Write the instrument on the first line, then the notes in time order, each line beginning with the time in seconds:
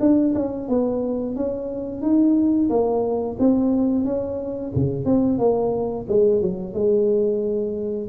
tuba
0.00 D4
0.35 C#4
0.68 B3
1.36 C#4
2.02 D#4
2.70 A#3
3.39 C4
4.05 C#4
4.75 C#3
5.05 C4
5.39 A#3
6.09 G#3
6.42 F#3
6.74 G#3